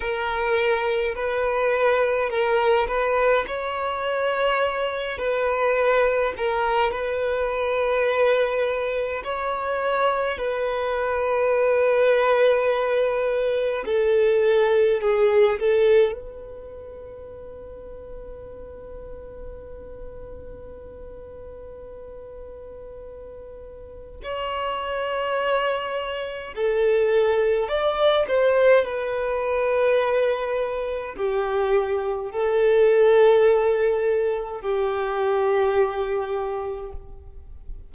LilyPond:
\new Staff \with { instrumentName = "violin" } { \time 4/4 \tempo 4 = 52 ais'4 b'4 ais'8 b'8 cis''4~ | cis''8 b'4 ais'8 b'2 | cis''4 b'2. | a'4 gis'8 a'8 b'2~ |
b'1~ | b'4 cis''2 a'4 | d''8 c''8 b'2 g'4 | a'2 g'2 | }